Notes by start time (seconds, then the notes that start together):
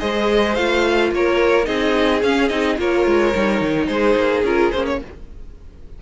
0.00 G#3 G#4 C5 D#5
0.55 A3 F4 F5
1.12 A#3 A#4 C#5
1.64 C4 D#4 G#4 D#5
2.23 C#4 F5
2.49 C4 D#4 D#5
2.78 A#3 F4 A#4 C#5
3.06 G#3
3.35 G3 D#4
3.61 D#3
3.87 G#3 G#4 C5
4.16 A#3
4.43 C#4 F4 A#4
4.72 A#3 C#4 C5
4.87 C#5